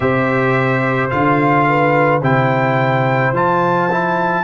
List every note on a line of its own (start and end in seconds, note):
0.00 1.11 C3
0.00 1.10 G4
0.00 1.67 C5
0.00 1.09 E5
1.09 2.22 D3
1.09 2.21 F4
1.09 2.21 F5
1.68 2.21 B4
2.21 3.32 C3
2.21 3.34 E4
2.21 4.43 C5
2.21 3.34 G5
3.32 4.43 F3
3.32 3.89 F4
3.32 4.44 A5
3.91 4.44 E4